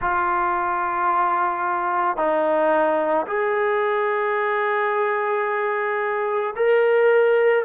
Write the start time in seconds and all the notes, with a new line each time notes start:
0.01 F4
2.16 D#4
3.27 G#4
6.56 A#4